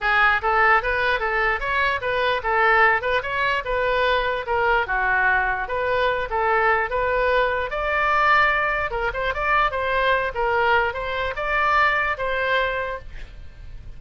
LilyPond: \new Staff \with { instrumentName = "oboe" } { \time 4/4 \tempo 4 = 148 gis'4 a'4 b'4 a'4 | cis''4 b'4 a'4. b'8 | cis''4 b'2 ais'4 | fis'2 b'4. a'8~ |
a'4 b'2 d''4~ | d''2 ais'8 c''8 d''4 | c''4. ais'4. c''4 | d''2 c''2 | }